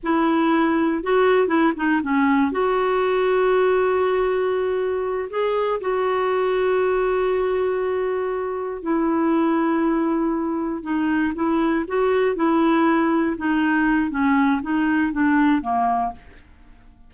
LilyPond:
\new Staff \with { instrumentName = "clarinet" } { \time 4/4 \tempo 4 = 119 e'2 fis'4 e'8 dis'8 | cis'4 fis'2.~ | fis'2~ fis'8 gis'4 fis'8~ | fis'1~ |
fis'4. e'2~ e'8~ | e'4. dis'4 e'4 fis'8~ | fis'8 e'2 dis'4. | cis'4 dis'4 d'4 ais4 | }